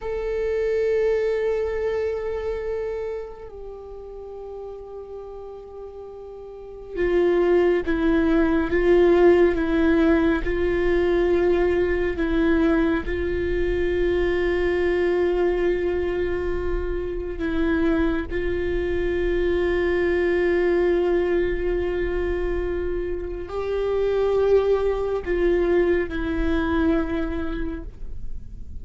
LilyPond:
\new Staff \with { instrumentName = "viola" } { \time 4/4 \tempo 4 = 69 a'1 | g'1 | f'4 e'4 f'4 e'4 | f'2 e'4 f'4~ |
f'1 | e'4 f'2.~ | f'2. g'4~ | g'4 f'4 e'2 | }